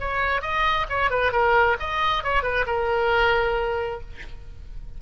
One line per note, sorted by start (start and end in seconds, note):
0.00 0.42 C#5
0.42 0.86 D#5
0.89 1.10 C#5
1.10 1.32 B4
1.32 1.77 A#4
1.80 2.23 D#5
2.23 2.43 C#5
2.43 2.65 B4
2.66 4.01 A#4